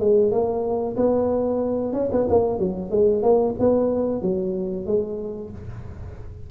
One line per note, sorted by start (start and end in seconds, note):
0.00 0.31 G#3
0.31 0.96 A#3
0.96 1.93 B3
1.94 2.10 C#4
2.12 2.28 B3
2.29 2.59 A#3
2.59 2.91 F#3
2.91 3.23 G#3
3.23 3.55 A#3
3.60 4.22 B3
4.22 4.87 F#3
4.87 5.51 G#3